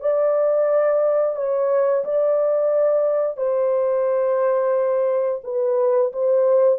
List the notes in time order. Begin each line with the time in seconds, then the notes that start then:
0.00 D5
1.36 C#5
2.04 D5
3.37 C5
5.44 B4
6.12 C5